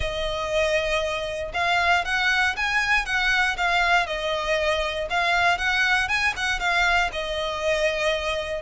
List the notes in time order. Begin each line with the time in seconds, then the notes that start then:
0.00 D#5
1.53 F5
2.04 F#5
2.56 G#5
3.05 F#5
3.57 F5
4.06 D#5
5.10 F5
5.57 F#5
6.08 G#5
6.36 F#5
6.59 F5
7.12 D#5